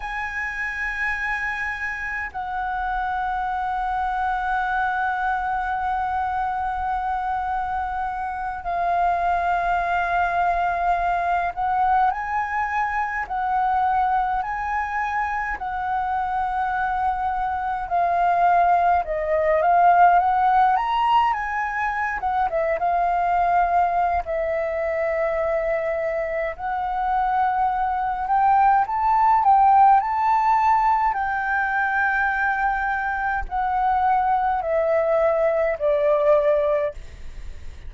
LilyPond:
\new Staff \with { instrumentName = "flute" } { \time 4/4 \tempo 4 = 52 gis''2 fis''2~ | fis''2.~ fis''8 f''8~ | f''2 fis''8 gis''4 fis''8~ | fis''8 gis''4 fis''2 f''8~ |
f''8 dis''8 f''8 fis''8 ais''8 gis''8. fis''16 e''16 f''16~ | f''4 e''2 fis''4~ | fis''8 g''8 a''8 g''8 a''4 g''4~ | g''4 fis''4 e''4 d''4 | }